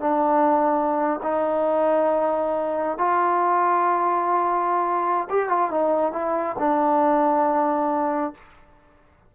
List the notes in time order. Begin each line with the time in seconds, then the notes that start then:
0.00 D4
1.23 D#4
2.98 F4
5.30 G4
5.49 F4
5.71 D#4
6.12 E4
6.59 D4